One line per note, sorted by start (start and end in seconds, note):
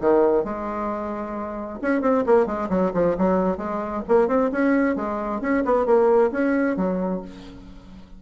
0.00 0.44 D#3
0.44 1.79 G#3
1.81 2.01 C#4
2.01 2.24 C4
2.26 2.46 A#3
2.46 2.68 G#3
2.69 2.91 F#3
2.93 3.16 F3
3.17 3.57 F#3
3.57 4.02 G#3
4.08 4.28 A#3
4.28 4.50 C4
4.51 4.95 C#4
4.95 5.40 G#3
5.41 5.63 C#4
5.64 5.85 B3
5.85 6.30 A#3
6.31 6.76 C#4
6.76 7.21 F#3